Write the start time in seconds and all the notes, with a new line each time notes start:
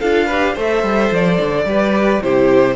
0.00 D4 F4 A4 F5
0.26 G4 B4
0.53 A3 A4 C5
0.60 E5
0.83 G3
1.11 F3 D5
1.39 D3
1.64 G3 G4 B4
2.22 C3 E4 G4 C5